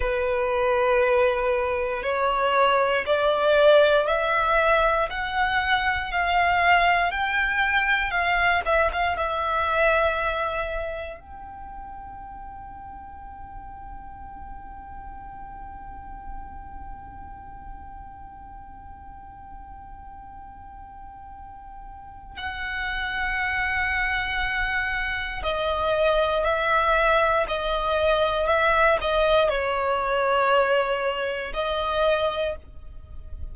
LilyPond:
\new Staff \with { instrumentName = "violin" } { \time 4/4 \tempo 4 = 59 b'2 cis''4 d''4 | e''4 fis''4 f''4 g''4 | f''8 e''16 f''16 e''2 g''4~ | g''1~ |
g''1~ | g''2 fis''2~ | fis''4 dis''4 e''4 dis''4 | e''8 dis''8 cis''2 dis''4 | }